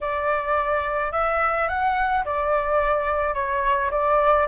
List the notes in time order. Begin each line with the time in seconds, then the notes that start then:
0.01 D5
1.12 E5
1.68 F#5
2.24 D5
3.34 C#5
3.90 D5